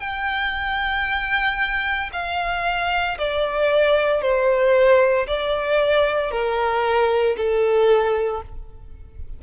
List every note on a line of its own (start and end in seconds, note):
0.00 2.11 G5
2.13 3.18 F5
3.19 4.22 D5
4.22 5.27 C5
5.27 6.31 D5
6.31 7.36 A#4
7.37 8.43 A4